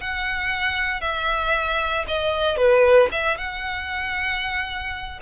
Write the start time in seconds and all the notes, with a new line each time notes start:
0.00 F#5
1.01 E5
2.07 D#5
2.57 B4
3.11 E5
3.37 F#5